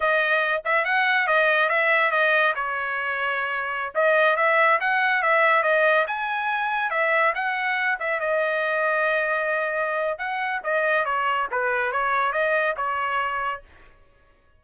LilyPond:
\new Staff \with { instrumentName = "trumpet" } { \time 4/4 \tempo 4 = 141 dis''4. e''8 fis''4 dis''4 | e''4 dis''4 cis''2~ | cis''4~ cis''16 dis''4 e''4 fis''8.~ | fis''16 e''4 dis''4 gis''4.~ gis''16~ |
gis''16 e''4 fis''4. e''8 dis''8.~ | dis''1 | fis''4 dis''4 cis''4 b'4 | cis''4 dis''4 cis''2 | }